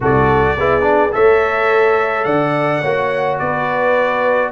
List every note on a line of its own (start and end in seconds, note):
0.00 0.55 C2
0.00 0.57 F#4
0.00 0.57 A4
0.00 1.14 D5
0.57 1.14 B3
0.57 0.81 E4
0.57 1.14 G#4
0.81 1.09 D4
1.12 2.25 A3
1.12 2.82 A4
1.12 2.25 C#5
1.12 2.24 E5
2.24 2.82 D3
2.24 2.81 D5
2.24 3.37 F#5
2.81 3.40 A#3
2.81 4.51 F#4
2.81 3.38 C#5
3.38 4.51 B3
3.38 4.51 B4
3.38 4.51 D5